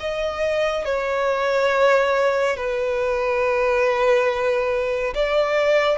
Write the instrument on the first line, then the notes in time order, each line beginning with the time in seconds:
violin
0.00 D#5
0.85 C#5
2.57 B4
5.15 D5